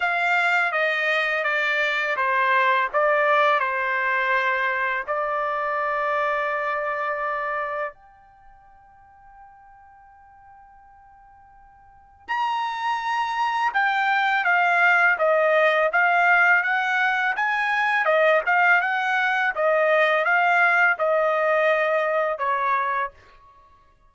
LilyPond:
\new Staff \with { instrumentName = "trumpet" } { \time 4/4 \tempo 4 = 83 f''4 dis''4 d''4 c''4 | d''4 c''2 d''4~ | d''2. g''4~ | g''1~ |
g''4 ais''2 g''4 | f''4 dis''4 f''4 fis''4 | gis''4 dis''8 f''8 fis''4 dis''4 | f''4 dis''2 cis''4 | }